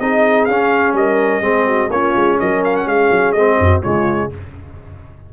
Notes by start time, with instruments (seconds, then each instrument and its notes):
0.00 tuba C4, trombone D#4, horn G#4, trumpet D#5
0.45 tuba C#4, trombone C#4, trumpet F5
0.93 tuba G3, horn A#4, trumpet D#5
1.41 tuba G#3, trombone C4, horn G#4
1.67 horn F#4
1.90 tuba A#3, trombone C#4, horn F4, trumpet C#5
2.16 tuba G#3
2.40 tuba F#3, horn A#4, trumpet D#5
2.65 trumpet F5
2.76 trumpet F#5
2.86 tuba G#3, horn G#4, trumpet F5
3.12 tuba F#3
3.33 tuba G#3, trombone C4, trumpet D#5
3.59 tuba F#2, horn F#4
3.82 tuba C#3, trombone G#3, horn F4, trumpet C#5